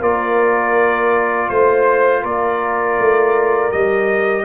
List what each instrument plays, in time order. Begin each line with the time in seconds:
0.00 tuba A#3, trombone F4, horn A#4, trumpet D5
1.49 tuba A3, trumpet C5, horn C5
2.23 tuba A#3, horn A#4, trumpet D5
2.99 tuba A3
3.72 tuba G3, trombone G4, trumpet D#5